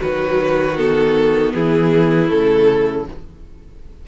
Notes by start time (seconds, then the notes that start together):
0.00 D#3 F#3 F#4 B4
0.77 B3 A4
1.54 E3 E4 G#4
2.28 C#3 A3 A4